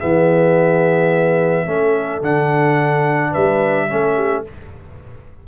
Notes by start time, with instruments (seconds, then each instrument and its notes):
0.00 tuba E3, trombone B3, horn G#4, trumpet E5
1.67 tuba A3, trombone C#4, horn A4
2.22 tuba D3, trombone D4, trumpet F#5
3.31 tuba G3, horn B4, trumpet E5
3.89 tuba A3, trombone C#4, horn A4
4.16 horn G4